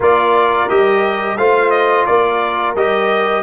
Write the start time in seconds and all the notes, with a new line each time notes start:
0.00 A#3 F4 A#4 D5
0.69 G3 G4 D#5
1.37 A3 F4 C5 F5
1.70 D#5
2.06 A#3 A#4 D5
2.75 G3 G4 D#5